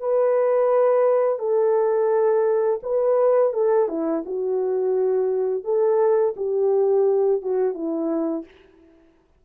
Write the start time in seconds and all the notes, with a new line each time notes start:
0.00 B4
1.39 A4
2.83 B4
3.53 A4
3.88 E4
4.25 F#4
5.64 A4
6.36 G4
7.42 F#4
7.74 E4